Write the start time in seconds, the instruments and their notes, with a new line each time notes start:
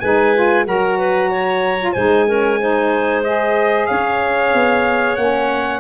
0.00 tuba G#3, saxophone D#4, clarinet B4, trumpet G#5
0.35 saxophone F4
0.65 tuba F#3, saxophone F#4, clarinet A#4, trumpet A#5
0.98 clarinet B4
1.31 clarinet C#5
1.79 saxophone F4
1.93 tuba G#3, saxophone D#4, clarinet C5, trumpet G#5
2.27 saxophone C#4, clarinet A#4
2.60 saxophone D#4, clarinet C5
3.24 saxophone G#4, trumpet D#5
3.87 tuba C#4, clarinet C#5, trumpet F5
4.54 tuba B3
5.16 tuba A#3, saxophone C#4, trumpet F#5